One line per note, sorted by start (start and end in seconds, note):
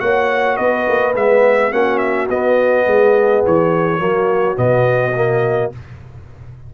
0.00 0.59 A#3
0.00 1.14 F#4
0.00 0.57 C#5
0.00 0.57 F#5
0.57 0.88 B3
0.57 1.71 B4
0.57 1.14 D#5
0.89 1.15 A#3
1.15 1.72 G#3
1.15 1.72 B3
1.15 1.73 E5
1.72 2.29 A#3
1.72 2.29 C#4
1.72 2.86 F#4
1.72 1.98 F#5
1.98 2.27 E5
2.30 2.87 B3
2.30 3.98 B3
2.30 3.45 D#5
2.87 3.44 G#3
2.87 4.02 G#4
3.46 4.00 E3
3.46 4.58 C#5
3.98 4.57 F#3
3.98 4.55 A#3
3.98 5.75 F#4
4.55 5.72 B2
4.55 5.12 B3
4.55 5.72 D#5
5.15 5.73 A#3